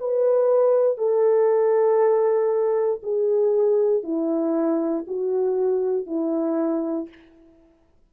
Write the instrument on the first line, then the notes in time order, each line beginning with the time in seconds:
horn
0.00 B4
0.98 A4
3.03 G#4
4.04 E4
5.08 F#4
6.07 E4